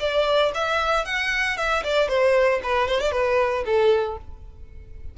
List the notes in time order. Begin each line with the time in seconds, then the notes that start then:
0.00 D5
0.55 E5
1.05 F#5
1.58 E5
1.84 D5
2.09 C5
2.64 B4
2.88 C5
3.01 D5
3.12 B4
3.66 A4